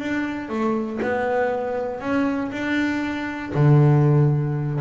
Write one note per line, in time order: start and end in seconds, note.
0.00 0.49 D4
0.49 1.00 A3
1.03 2.01 B3
2.01 2.51 C#4
2.52 3.53 D4
3.55 4.81 D3